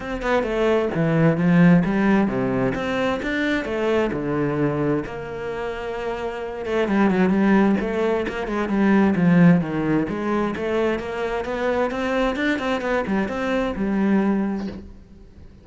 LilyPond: \new Staff \with { instrumentName = "cello" } { \time 4/4 \tempo 4 = 131 c'8 b8 a4 e4 f4 | g4 c4 c'4 d'4 | a4 d2 ais4~ | ais2~ ais8 a8 g8 fis8 |
g4 a4 ais8 gis8 g4 | f4 dis4 gis4 a4 | ais4 b4 c'4 d'8 c'8 | b8 g8 c'4 g2 | }